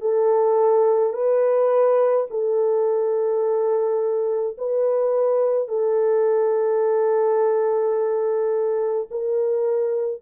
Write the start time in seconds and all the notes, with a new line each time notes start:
0.00 A4
1.13 B4
2.30 A4
4.57 B4
5.68 A4
9.10 A#4